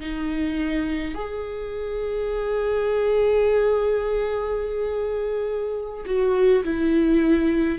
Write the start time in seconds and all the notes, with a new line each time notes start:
0.00 D#4
1.15 G#4
6.06 F#4
6.64 E4